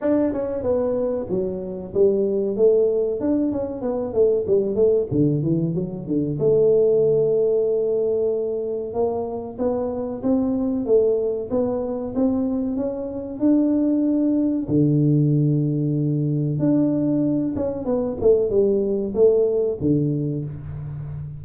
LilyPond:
\new Staff \with { instrumentName = "tuba" } { \time 4/4 \tempo 4 = 94 d'8 cis'8 b4 fis4 g4 | a4 d'8 cis'8 b8 a8 g8 a8 | d8 e8 fis8 d8 a2~ | a2 ais4 b4 |
c'4 a4 b4 c'4 | cis'4 d'2 d4~ | d2 d'4. cis'8 | b8 a8 g4 a4 d4 | }